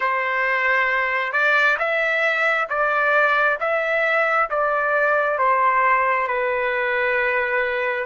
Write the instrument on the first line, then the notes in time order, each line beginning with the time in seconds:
trumpet
0.00 C5
1.32 D5
1.79 E5
2.69 D5
3.59 E5
4.50 D5
5.38 C5
6.27 B4